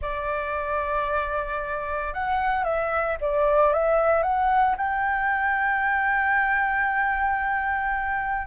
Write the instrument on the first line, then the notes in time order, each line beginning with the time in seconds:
flute
0.01 D5
2.13 F#5
2.64 E5
3.21 D5
3.73 E5
4.22 F#5
4.77 G5